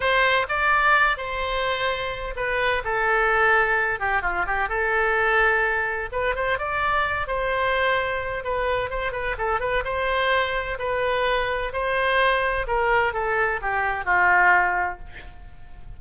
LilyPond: \new Staff \with { instrumentName = "oboe" } { \time 4/4 \tempo 4 = 128 c''4 d''4. c''4.~ | c''4 b'4 a'2~ | a'8 g'8 f'8 g'8 a'2~ | a'4 b'8 c''8 d''4. c''8~ |
c''2 b'4 c''8 b'8 | a'8 b'8 c''2 b'4~ | b'4 c''2 ais'4 | a'4 g'4 f'2 | }